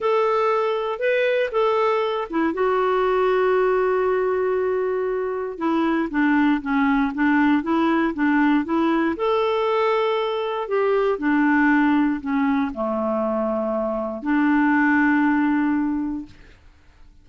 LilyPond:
\new Staff \with { instrumentName = "clarinet" } { \time 4/4 \tempo 4 = 118 a'2 b'4 a'4~ | a'8 e'8 fis'2.~ | fis'2. e'4 | d'4 cis'4 d'4 e'4 |
d'4 e'4 a'2~ | a'4 g'4 d'2 | cis'4 a2. | d'1 | }